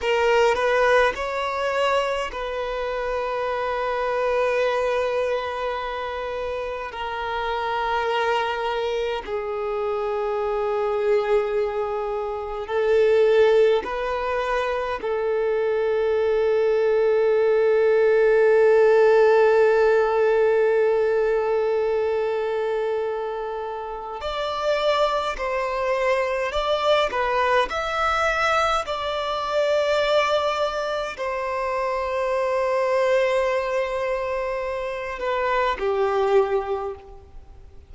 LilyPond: \new Staff \with { instrumentName = "violin" } { \time 4/4 \tempo 4 = 52 ais'8 b'8 cis''4 b'2~ | b'2 ais'2 | gis'2. a'4 | b'4 a'2.~ |
a'1~ | a'4 d''4 c''4 d''8 b'8 | e''4 d''2 c''4~ | c''2~ c''8 b'8 g'4 | }